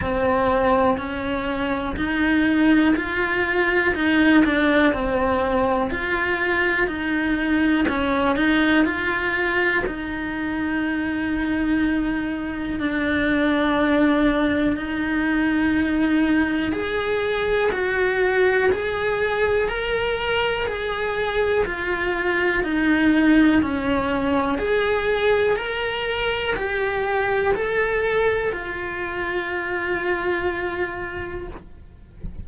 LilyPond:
\new Staff \with { instrumentName = "cello" } { \time 4/4 \tempo 4 = 61 c'4 cis'4 dis'4 f'4 | dis'8 d'8 c'4 f'4 dis'4 | cis'8 dis'8 f'4 dis'2~ | dis'4 d'2 dis'4~ |
dis'4 gis'4 fis'4 gis'4 | ais'4 gis'4 f'4 dis'4 | cis'4 gis'4 ais'4 g'4 | a'4 f'2. | }